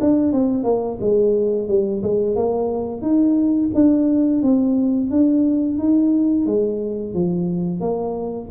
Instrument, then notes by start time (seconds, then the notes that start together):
tuba
0.00 D4
0.32 C4
0.64 A#3
1.00 G#3
1.68 G3
2.03 G#3
2.36 A#3
3.01 D#4
3.74 D4
4.42 C4
5.10 D4
5.78 D#4
6.46 G#3
7.14 F3
7.80 A#3